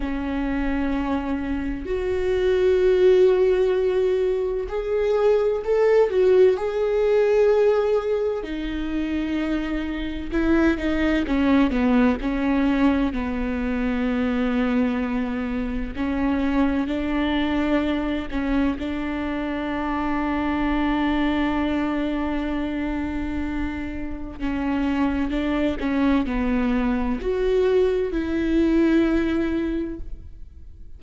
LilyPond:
\new Staff \with { instrumentName = "viola" } { \time 4/4 \tempo 4 = 64 cis'2 fis'2~ | fis'4 gis'4 a'8 fis'8 gis'4~ | gis'4 dis'2 e'8 dis'8 | cis'8 b8 cis'4 b2~ |
b4 cis'4 d'4. cis'8 | d'1~ | d'2 cis'4 d'8 cis'8 | b4 fis'4 e'2 | }